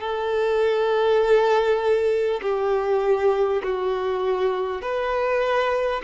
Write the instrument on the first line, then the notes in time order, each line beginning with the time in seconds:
violin
0.00 A4
2.42 G4
3.63 F#4
4.82 B4